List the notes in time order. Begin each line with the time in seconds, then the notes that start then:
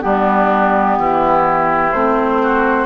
0.00 G3 B3 D4 G4
0.98 E3 E4
1.92 A3 C4 C5
2.42 F#4